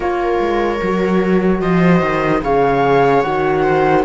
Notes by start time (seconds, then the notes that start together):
0.00 A#3 F4 A#4 C#5
0.40 G#3
0.82 F#3 F#4
1.60 F3 C5 D#5
2.01 D#3
2.42 C#3 G#4 C#5 F5
3.22 D#3 F#4 F#5
3.62 C5